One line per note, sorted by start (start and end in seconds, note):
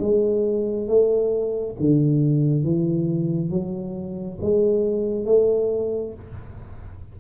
0.00 0.88 G#3
0.88 1.76 A3
1.80 2.64 D3
2.64 3.51 E3
3.51 4.39 F#3
4.42 5.26 G#3
5.26 6.14 A3